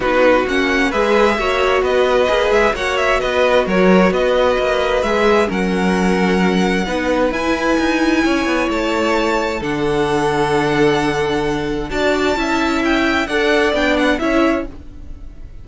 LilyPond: <<
  \new Staff \with { instrumentName = "violin" } { \time 4/4 \tempo 4 = 131 b'4 fis''4 e''2 | dis''4. e''8 fis''8 e''8 dis''4 | cis''4 dis''2 e''4 | fis''1 |
gis''2. a''4~ | a''4 fis''2.~ | fis''2 a''2 | g''4 fis''4 g''8 fis''8 e''4 | }
  \new Staff \with { instrumentName = "violin" } { \time 4/4 fis'2 b'4 cis''4 | b'2 cis''4 b'4 | ais'4 b'2. | ais'2. b'4~ |
b'2 cis''2~ | cis''4 a'2.~ | a'2 d''4 e''4~ | e''4 d''2 cis''4 | }
  \new Staff \with { instrumentName = "viola" } { \time 4/4 dis'4 cis'4 gis'4 fis'4~ | fis'4 gis'4 fis'2~ | fis'2. gis'4 | cis'2. dis'4 |
e'1~ | e'4 d'2.~ | d'2 fis'4 e'4~ | e'4 a'4 d'4 e'4 | }
  \new Staff \with { instrumentName = "cello" } { \time 4/4 b4 ais4 gis4 ais4 | b4 ais8 gis8 ais4 b4 | fis4 b4 ais4 gis4 | fis2. b4 |
e'4 dis'4 cis'8 b8 a4~ | a4 d2.~ | d2 d'4 cis'4~ | cis'4 d'4 b4 cis'4 | }
>>